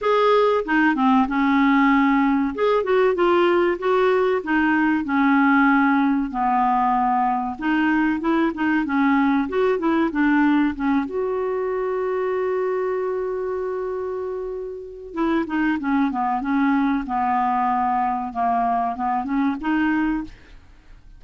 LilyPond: \new Staff \with { instrumentName = "clarinet" } { \time 4/4 \tempo 4 = 95 gis'4 dis'8 c'8 cis'2 | gis'8 fis'8 f'4 fis'4 dis'4 | cis'2 b2 | dis'4 e'8 dis'8 cis'4 fis'8 e'8 |
d'4 cis'8 fis'2~ fis'8~ | fis'1 | e'8 dis'8 cis'8 b8 cis'4 b4~ | b4 ais4 b8 cis'8 dis'4 | }